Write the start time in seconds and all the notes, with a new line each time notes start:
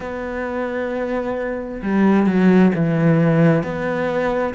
0.00 B3
1.82 G3
2.26 F#3
2.75 E3
3.63 B3